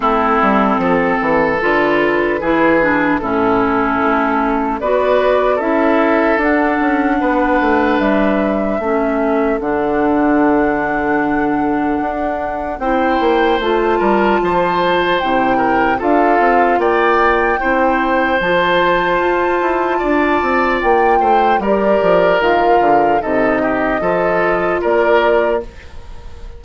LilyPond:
<<
  \new Staff \with { instrumentName = "flute" } { \time 4/4 \tempo 4 = 75 a'2 b'2 | a'2 d''4 e''4 | fis''2 e''2 | fis''1 |
g''4 a''2 g''4 | f''4 g''2 a''4~ | a''2 g''4 d''4 | f''4 dis''2 d''4 | }
  \new Staff \with { instrumentName = "oboe" } { \time 4/4 e'4 a'2 gis'4 | e'2 b'4 a'4~ | a'4 b'2 a'4~ | a'1 |
c''4. ais'8 c''4. ais'8 | a'4 d''4 c''2~ | c''4 d''4. c''8 ais'4~ | ais'4 a'8 g'8 a'4 ais'4 | }
  \new Staff \with { instrumentName = "clarinet" } { \time 4/4 c'2 f'4 e'8 d'8 | cis'2 fis'4 e'4 | d'2. cis'4 | d'1 |
e'4 f'2 e'4 | f'2 e'4 f'4~ | f'2. g'4 | f'4 dis'4 f'2 | }
  \new Staff \with { instrumentName = "bassoon" } { \time 4/4 a8 g8 f8 e8 d4 e4 | a,4 a4 b4 cis'4 | d'8 cis'8 b8 a8 g4 a4 | d2. d'4 |
c'8 ais8 a8 g8 f4 c4 | d'8 c'8 ais4 c'4 f4 | f'8 e'8 d'8 c'8 ais8 a8 g8 f8 | dis8 d8 c4 f4 ais4 | }
>>